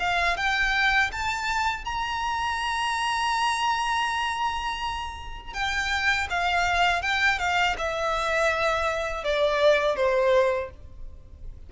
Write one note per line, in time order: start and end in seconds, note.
0.00 0.37 F5
0.37 1.11 G5
1.12 1.85 A5
1.85 5.54 A#5
5.54 6.28 G5
6.30 7.02 F5
7.02 7.39 G5
7.39 7.76 F5
7.78 9.24 E5
9.24 9.96 D5
9.96 10.70 C5